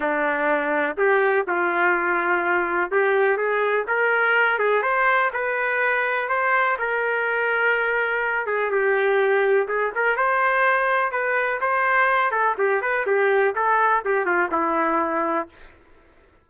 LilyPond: \new Staff \with { instrumentName = "trumpet" } { \time 4/4 \tempo 4 = 124 d'2 g'4 f'4~ | f'2 g'4 gis'4 | ais'4. gis'8 c''4 b'4~ | b'4 c''4 ais'2~ |
ais'4. gis'8 g'2 | gis'8 ais'8 c''2 b'4 | c''4. a'8 g'8 b'8 g'4 | a'4 g'8 f'8 e'2 | }